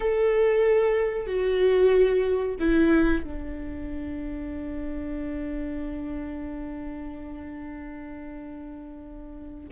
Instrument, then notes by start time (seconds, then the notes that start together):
viola
0.00 A4
1.26 F#4
2.59 E4
3.23 D4